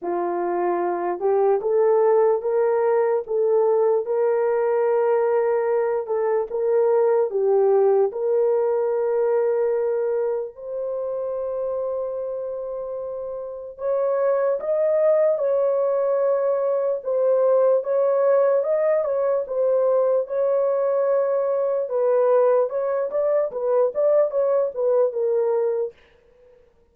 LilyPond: \new Staff \with { instrumentName = "horn" } { \time 4/4 \tempo 4 = 74 f'4. g'8 a'4 ais'4 | a'4 ais'2~ ais'8 a'8 | ais'4 g'4 ais'2~ | ais'4 c''2.~ |
c''4 cis''4 dis''4 cis''4~ | cis''4 c''4 cis''4 dis''8 cis''8 | c''4 cis''2 b'4 | cis''8 d''8 b'8 d''8 cis''8 b'8 ais'4 | }